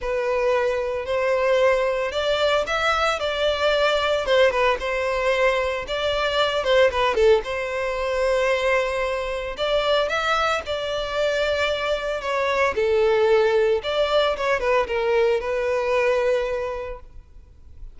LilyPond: \new Staff \with { instrumentName = "violin" } { \time 4/4 \tempo 4 = 113 b'2 c''2 | d''4 e''4 d''2 | c''8 b'8 c''2 d''4~ | d''8 c''8 b'8 a'8 c''2~ |
c''2 d''4 e''4 | d''2. cis''4 | a'2 d''4 cis''8 b'8 | ais'4 b'2. | }